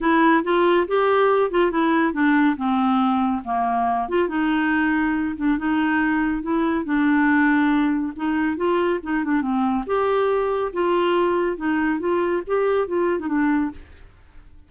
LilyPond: \new Staff \with { instrumentName = "clarinet" } { \time 4/4 \tempo 4 = 140 e'4 f'4 g'4. f'8 | e'4 d'4 c'2 | ais4. f'8 dis'2~ | dis'8 d'8 dis'2 e'4 |
d'2. dis'4 | f'4 dis'8 d'8 c'4 g'4~ | g'4 f'2 dis'4 | f'4 g'4 f'8. dis'16 d'4 | }